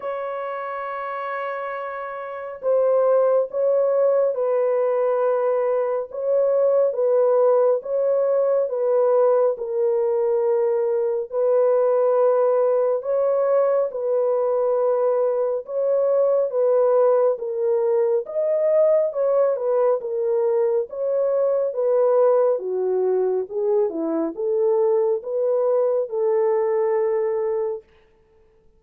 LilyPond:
\new Staff \with { instrumentName = "horn" } { \time 4/4 \tempo 4 = 69 cis''2. c''4 | cis''4 b'2 cis''4 | b'4 cis''4 b'4 ais'4~ | ais'4 b'2 cis''4 |
b'2 cis''4 b'4 | ais'4 dis''4 cis''8 b'8 ais'4 | cis''4 b'4 fis'4 gis'8 e'8 | a'4 b'4 a'2 | }